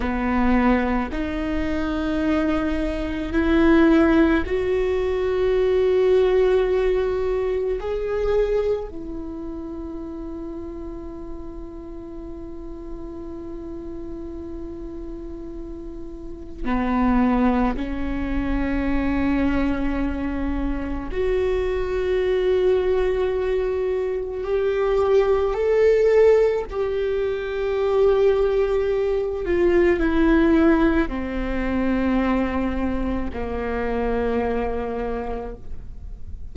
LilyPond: \new Staff \with { instrumentName = "viola" } { \time 4/4 \tempo 4 = 54 b4 dis'2 e'4 | fis'2. gis'4 | e'1~ | e'2. b4 |
cis'2. fis'4~ | fis'2 g'4 a'4 | g'2~ g'8 f'8 e'4 | c'2 ais2 | }